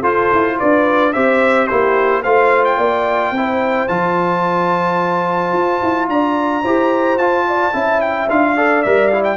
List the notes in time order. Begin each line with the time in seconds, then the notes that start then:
0.00 F4 A4 C5
0.33 E4
0.58 D4 B4 D5
1.13 C4 G4 C5 E5
1.67 A#3 E4 G4 C5
2.22 A3 F4 C5 F5
2.65 G5
2.77 A#3 D5
3.31 C4 E4 C5
3.88 F3 F4 A5
5.53 F4
5.83 E4
6.09 D4 D5 A#5
6.62 E4 G4 C5
7.17 F4 A5
7.48 D5
7.73 C#4 E4 E5
8.01 G5
8.30 D4 F4 F5
8.56 A4 D5
8.82 G3 A#4 E5
9.08 E4 F5
9.24 G5